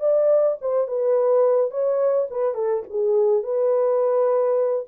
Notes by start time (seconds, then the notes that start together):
0.00 D5
0.61 C5
0.88 B4
1.71 C#5
2.31 B4
2.55 A4
2.90 G#4
3.43 B4